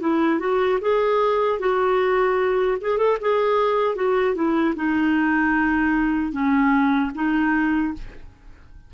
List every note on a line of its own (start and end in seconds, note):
0.00 0.39 E4
0.39 0.79 F#4
0.81 1.59 G#4
1.59 2.78 F#4
2.81 2.97 G#4
2.97 3.17 A4
3.21 3.95 G#4
3.95 4.35 F#4
4.35 4.74 E4
4.76 6.32 D#4
6.32 7.11 C#4
7.14 7.93 D#4